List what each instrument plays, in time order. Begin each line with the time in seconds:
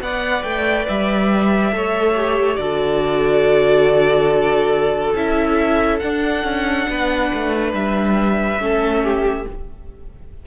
0.00 cello B3, viola B4, violin D5 F#5
0.43 cello A3, violin G5
0.88 cello G3, violin E5
1.72 cello A3, viola A4, violin C#5
2.16 viola G4
2.56 cello D3, viola F#4, violin A4 D5
5.14 cello C#4, viola E4, violin E5
5.99 viola D4, cello D4, violin F#5
6.44 cello C#4
6.89 cello B3, violin B4
7.33 cello A3
7.73 cello G3, violin E5
8.58 cello A3, viola C#4, violin A4
9.03 violin G4